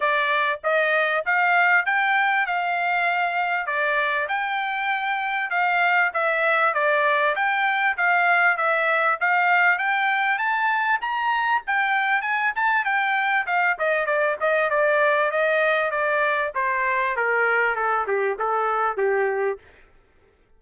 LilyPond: \new Staff \with { instrumentName = "trumpet" } { \time 4/4 \tempo 4 = 98 d''4 dis''4 f''4 g''4 | f''2 d''4 g''4~ | g''4 f''4 e''4 d''4 | g''4 f''4 e''4 f''4 |
g''4 a''4 ais''4 g''4 | gis''8 a''8 g''4 f''8 dis''8 d''8 dis''8 | d''4 dis''4 d''4 c''4 | ais'4 a'8 g'8 a'4 g'4 | }